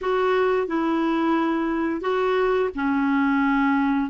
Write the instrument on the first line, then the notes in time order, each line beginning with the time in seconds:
clarinet
0.01 F#4
0.67 E4
2.01 F#4
2.75 C#4